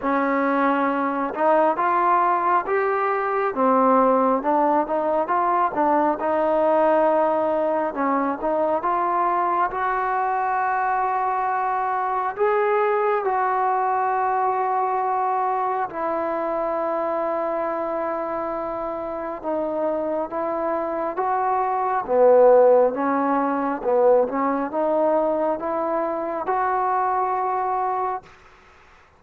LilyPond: \new Staff \with { instrumentName = "trombone" } { \time 4/4 \tempo 4 = 68 cis'4. dis'8 f'4 g'4 | c'4 d'8 dis'8 f'8 d'8 dis'4~ | dis'4 cis'8 dis'8 f'4 fis'4~ | fis'2 gis'4 fis'4~ |
fis'2 e'2~ | e'2 dis'4 e'4 | fis'4 b4 cis'4 b8 cis'8 | dis'4 e'4 fis'2 | }